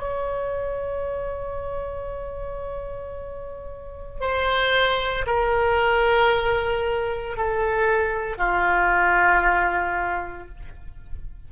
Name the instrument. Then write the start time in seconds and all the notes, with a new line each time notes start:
oboe
0.00 C#5
4.21 C5
5.27 A#4
7.37 A4
8.38 F4